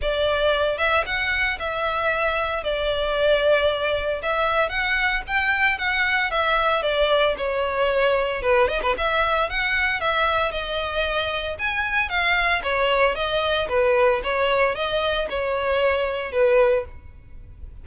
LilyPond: \new Staff \with { instrumentName = "violin" } { \time 4/4 \tempo 4 = 114 d''4. e''8 fis''4 e''4~ | e''4 d''2. | e''4 fis''4 g''4 fis''4 | e''4 d''4 cis''2 |
b'8 dis''16 b'16 e''4 fis''4 e''4 | dis''2 gis''4 f''4 | cis''4 dis''4 b'4 cis''4 | dis''4 cis''2 b'4 | }